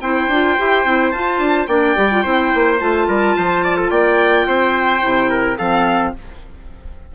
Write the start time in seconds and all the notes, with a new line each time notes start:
0.00 C4 E4 C5 G5
0.28 D4 F4
0.58 E4 G4
0.85 C4 E4
1.11 F4 A5
1.38 D4
1.67 A#3 D4 D5 G5
1.96 G3 G4
2.11 F4
2.23 C4 E4 C5
2.55 A#3
2.79 A3 F4 A5
3.08 G3 A#4
3.37 F3 C5
3.64 D5
3.77 A4
3.90 A#3 D5 G5
4.47 C4 C5
5.01 C3 E4
5.30 A#4
5.58 F3 C4 A4 F5